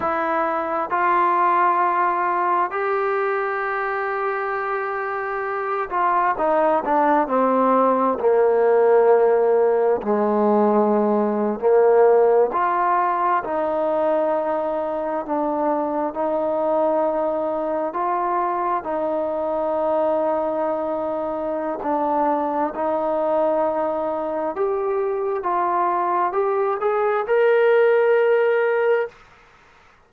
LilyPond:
\new Staff \with { instrumentName = "trombone" } { \time 4/4 \tempo 4 = 66 e'4 f'2 g'4~ | g'2~ g'8 f'8 dis'8 d'8 | c'4 ais2 gis4~ | gis8. ais4 f'4 dis'4~ dis'16~ |
dis'8. d'4 dis'2 f'16~ | f'8. dis'2.~ dis'16 | d'4 dis'2 g'4 | f'4 g'8 gis'8 ais'2 | }